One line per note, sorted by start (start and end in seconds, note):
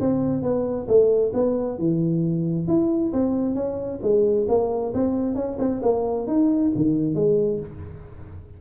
0.00 0.42 C4
0.42 0.87 B3
0.88 1.32 A3
1.34 1.78 B3
1.78 2.67 E3
2.67 3.12 E4
3.13 3.55 C4
3.55 4.00 C#4
4.03 4.47 G#3
4.48 4.93 A#3
4.94 5.35 C4
5.35 5.57 C#4
5.59 5.81 C4
5.82 6.27 A#3
6.27 6.72 D#4
6.75 7.15 D#3
7.15 7.60 G#3